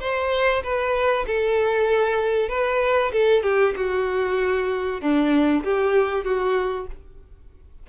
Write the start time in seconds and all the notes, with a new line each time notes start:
0.00 C5
0.63 B4
1.27 A4
2.49 B4
3.12 A4
3.43 G4
3.76 F#4
5.01 D4
5.64 G4
6.24 F#4